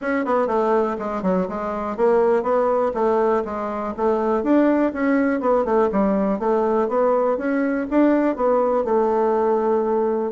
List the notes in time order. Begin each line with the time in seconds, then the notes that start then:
0.01 C#4
0.25 B3
0.47 A3
0.98 G#3
1.22 F#3
1.48 G#3
1.96 A#3
2.42 B3
2.94 A3
3.44 G#3
3.96 A3
4.43 D4
4.93 C#4
5.40 B3
5.64 A3
5.92 G3
6.39 A3
6.88 B3
7.37 C#4
7.90 D4
8.36 B3
8.84 A3